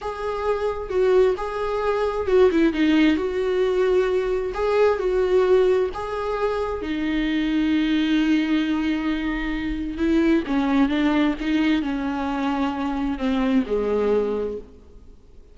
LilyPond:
\new Staff \with { instrumentName = "viola" } { \time 4/4 \tempo 4 = 132 gis'2 fis'4 gis'4~ | gis'4 fis'8 e'8 dis'4 fis'4~ | fis'2 gis'4 fis'4~ | fis'4 gis'2 dis'4~ |
dis'1~ | dis'2 e'4 cis'4 | d'4 dis'4 cis'2~ | cis'4 c'4 gis2 | }